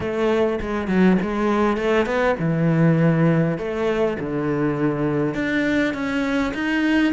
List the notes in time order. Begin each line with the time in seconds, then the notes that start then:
0.00 A3
0.60 G#3
0.87 F#3
1.22 G#3
1.77 A3
2.05 B3
2.39 E3
3.58 A3
4.19 D3
5.34 D4
5.94 C#4
6.54 D#4